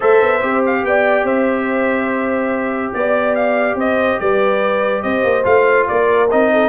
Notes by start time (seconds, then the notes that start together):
0.00 A3 A4 C5 E5
0.21 B3
0.41 C4 G4
0.66 F5
0.83 B3 D5 G5
1.23 C4 C5 E5
2.93 B3 D5
3.35 F5
3.74 C4 C5 D#5
4.19 G3 B4 D5
5.02 C4 C5 D#5
5.23 A#3
5.43 A3 F4 F5
5.88 A#3 A#4 D5
6.30 C4 D#4 D#5
6.52 A4